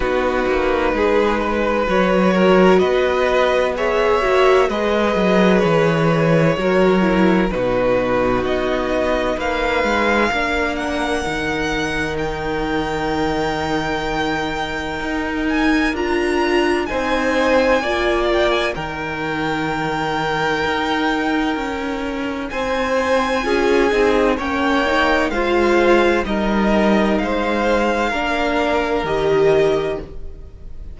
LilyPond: <<
  \new Staff \with { instrumentName = "violin" } { \time 4/4 \tempo 4 = 64 b'2 cis''4 dis''4 | e''4 dis''4 cis''2 | b'4 dis''4 f''4. fis''8~ | fis''4 g''2.~ |
g''8 gis''8 ais''4 gis''4. g''16 gis''16 | g''1 | gis''2 g''4 f''4 | dis''4 f''2 dis''4 | }
  \new Staff \with { instrumentName = "violin" } { \time 4/4 fis'4 gis'8 b'4 ais'8 b'4 | cis''4 b'2 ais'4 | fis'2 b'4 ais'4~ | ais'1~ |
ais'2 c''4 d''4 | ais'1 | c''4 gis'4 cis''4 c''4 | ais'4 c''4 ais'2 | }
  \new Staff \with { instrumentName = "viola" } { \time 4/4 dis'2 fis'2 | gis'8 fis'8 gis'2 fis'8 e'8 | dis'2. d'4 | dis'1~ |
dis'4 f'4 dis'4 f'4 | dis'1~ | dis'4 f'8 dis'8 cis'8 dis'8 f'4 | dis'2 d'4 g'4 | }
  \new Staff \with { instrumentName = "cello" } { \time 4/4 b8 ais8 gis4 fis4 b4~ | b8 ais8 gis8 fis8 e4 fis4 | b,4 b4 ais8 gis8 ais4 | dis1 |
dis'4 d'4 c'4 ais4 | dis2 dis'4 cis'4 | c'4 cis'8 c'8 ais4 gis4 | g4 gis4 ais4 dis4 | }
>>